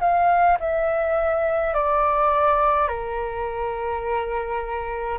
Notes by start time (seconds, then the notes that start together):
0.00 F5
0.60 E5
1.74 D5
2.87 A#4